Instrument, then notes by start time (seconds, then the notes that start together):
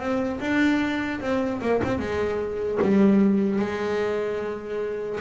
double bass
0.00 C4
0.40 D4
1.21 C4
1.61 A#3
1.84 C4
1.99 G#3
2.82 G3
3.59 G#3